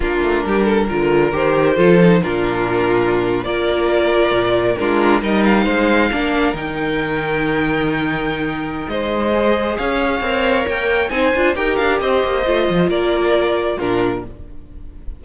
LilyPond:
<<
  \new Staff \with { instrumentName = "violin" } { \time 4/4 \tempo 4 = 135 ais'2. c''4~ | c''4 ais'2~ ais'8. d''16~ | d''2~ d''8. ais'4 dis''16~ | dis''16 f''2~ f''8 g''4~ g''16~ |
g''1 | dis''2 f''2 | g''4 gis''4 g''8 f''8 dis''4~ | dis''4 d''2 ais'4 | }
  \new Staff \with { instrumentName = "violin" } { \time 4/4 f'4 g'8 a'8 ais'2 | a'4 f'2~ f'8. ais'16~ | ais'2~ ais'8. f'4 ais'16~ | ais'8. c''4 ais'2~ ais'16~ |
ais'1 | c''2 cis''2~ | cis''4 c''4 ais'4 c''4~ | c''4 ais'2 f'4 | }
  \new Staff \with { instrumentName = "viola" } { \time 4/4 d'2 f'4 g'4 | f'8 dis'8 d'2~ d'8. f'16~ | f'2~ f'8. d'4 dis'16~ | dis'4.~ dis'16 d'4 dis'4~ dis'16~ |
dis'1~ | dis'4 gis'2 ais'4~ | ais'4 dis'8 f'8 g'2 | f'2. d'4 | }
  \new Staff \with { instrumentName = "cello" } { \time 4/4 ais8 a8 g4 d4 dis4 | f4 ais,2~ ais,8. ais16~ | ais4.~ ais16 ais,4 gis4 g16~ | g8. gis4 ais4 dis4~ dis16~ |
dis1 | gis2 cis'4 c'4 | ais4 c'8 d'8 dis'8 d'8 c'8 ais8 | a8 f8 ais2 ais,4 | }
>>